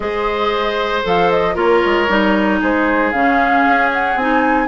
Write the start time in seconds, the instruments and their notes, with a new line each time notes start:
0.00 bassoon G#3, clarinet G#4, oboe C5, flute D#5
1.03 bassoon F3, clarinet A4, flute F5
1.30 flute D#5
1.54 bassoon A#3, clarinet F4, oboe A#4, flute C#5
1.85 bassoon G#3
2.08 bassoon G3, clarinet D#4
2.60 bassoon G#3, oboe G#4, flute C5
3.11 bassoon C#3, clarinet C#4, flute F5
3.67 bassoon C#4
3.92 flute F#5
4.15 bassoon C4, clarinet D#4, flute G#5